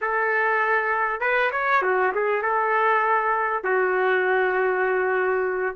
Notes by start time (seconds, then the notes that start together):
0.01 A4
1.20 B4
1.51 C#5
1.82 F#4
2.15 G#4
2.42 A4
3.63 F#4